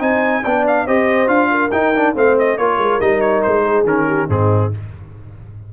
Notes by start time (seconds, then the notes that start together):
0.00 C4 D#4 C5 G#5
0.44 B3 D4 D5 G5
0.67 F5
0.86 C4 G4 C5 D#5
1.27 D4 F4 F5
1.51 A#4
1.72 D#4 G5
1.95 D4
2.15 A3 C4 C5 F5
2.39 D#5
2.58 A#3 F4 A#4 C#5
2.78 G#3
3.01 G3 D#4 D#5
3.21 C#5
3.43 G#3 C5
3.64 G#4
3.85 D#3 C#4 A#4
4.07 G4
4.28 G#2 C4 D#4 G#4